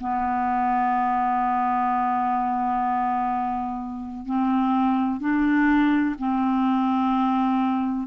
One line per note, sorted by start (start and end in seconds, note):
0.00 4.26 B3
4.26 5.19 C4
5.19 6.15 D4
6.18 8.07 C4